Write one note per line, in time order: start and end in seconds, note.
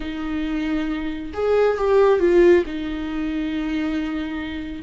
0.00 1.33 D#4
1.33 1.77 G#4
1.77 2.19 G4
2.19 2.64 F4
2.66 4.82 D#4